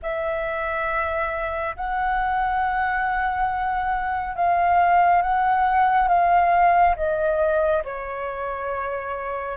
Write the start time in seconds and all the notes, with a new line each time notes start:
0.02 E5
1.76 F#5
4.35 F5
5.22 F#5
6.08 F5
6.96 D#5
7.84 C#5